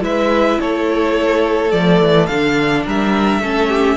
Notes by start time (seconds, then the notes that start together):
0.00 G#3 E4 B4 E5
0.59 A3 A4 C#5
1.71 F3 A3 D5
2.00 E3
2.26 D3 D4 F5
2.84 G3 A#4 E5
3.39 A3 C#4 A4
3.69 G4